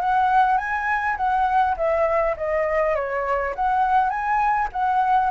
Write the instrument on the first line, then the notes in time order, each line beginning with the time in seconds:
flute
0.00 F#5
0.57 G#5
1.17 F#5
1.76 E5
2.36 D#5
2.95 C#5
3.55 F#5
4.09 G#5
4.72 F#5